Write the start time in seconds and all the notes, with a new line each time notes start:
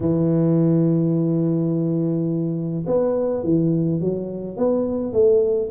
0.00 E3
2.86 B3
3.43 E3
4.00 F#3
4.56 B3
5.12 A3